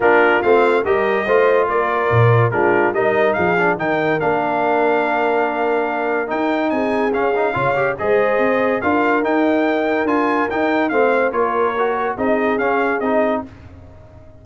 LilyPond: <<
  \new Staff \with { instrumentName = "trumpet" } { \time 4/4 \tempo 4 = 143 ais'4 f''4 dis''2 | d''2 ais'4 dis''4 | f''4 g''4 f''2~ | f''2. g''4 |
gis''4 f''2 dis''4~ | dis''4 f''4 g''2 | gis''4 g''4 f''4 cis''4~ | cis''4 dis''4 f''4 dis''4 | }
  \new Staff \with { instrumentName = "horn" } { \time 4/4 f'2 ais'4 c''4 | ais'2 f'4 ais'4 | gis'4 ais'2.~ | ais'1 |
gis'2 cis''4 c''4~ | c''4 ais'2.~ | ais'2 c''4 ais'4~ | ais'4 gis'2. | }
  \new Staff \with { instrumentName = "trombone" } { \time 4/4 d'4 c'4 g'4 f'4~ | f'2 d'4 dis'4~ | dis'8 d'8 dis'4 d'2~ | d'2. dis'4~ |
dis'4 cis'8 dis'8 f'8 g'8 gis'4~ | gis'4 f'4 dis'2 | f'4 dis'4 c'4 f'4 | fis'4 dis'4 cis'4 dis'4 | }
  \new Staff \with { instrumentName = "tuba" } { \time 4/4 ais4 a4 g4 a4 | ais4 ais,4 gis4 g4 | f4 dis4 ais2~ | ais2. dis'4 |
c'4 cis'4 cis4 gis4 | c'4 d'4 dis'2 | d'4 dis'4 a4 ais4~ | ais4 c'4 cis'4 c'4 | }
>>